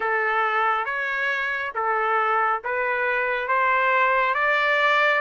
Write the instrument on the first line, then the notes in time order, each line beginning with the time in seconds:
trumpet
0.00 A4
0.85 C#5
1.74 A4
2.64 B4
3.48 C5
4.34 D5